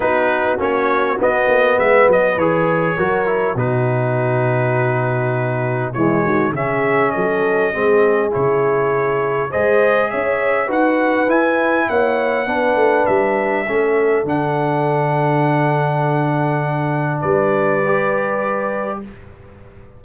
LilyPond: <<
  \new Staff \with { instrumentName = "trumpet" } { \time 4/4 \tempo 4 = 101 b'4 cis''4 dis''4 e''8 dis''8 | cis''2 b'2~ | b'2 cis''4 e''4 | dis''2 cis''2 |
dis''4 e''4 fis''4 gis''4 | fis''2 e''2 | fis''1~ | fis''4 d''2. | }
  \new Staff \with { instrumentName = "horn" } { \time 4/4 fis'2. b'4~ | b'4 ais'4 fis'2~ | fis'2 e'8 fis'8 gis'4 | a'4 gis'2. |
c''4 cis''4 b'2 | cis''4 b'2 a'4~ | a'1~ | a'4 b'2. | }
  \new Staff \with { instrumentName = "trombone" } { \time 4/4 dis'4 cis'4 b2 | gis'4 fis'8 e'8 dis'2~ | dis'2 gis4 cis'4~ | cis'4 c'4 e'2 |
gis'2 fis'4 e'4~ | e'4 d'2 cis'4 | d'1~ | d'2 g'2 | }
  \new Staff \with { instrumentName = "tuba" } { \time 4/4 b4 ais4 b8 ais8 gis8 fis8 | e4 fis4 b,2~ | b,2 e8 dis8 cis4 | fis4 gis4 cis2 |
gis4 cis'4 dis'4 e'4 | ais4 b8 a8 g4 a4 | d1~ | d4 g2. | }
>>